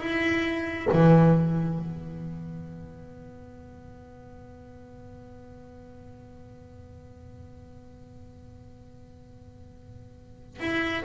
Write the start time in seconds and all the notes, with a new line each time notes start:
0.00 E4
0.93 E3
1.79 B3
10.60 E4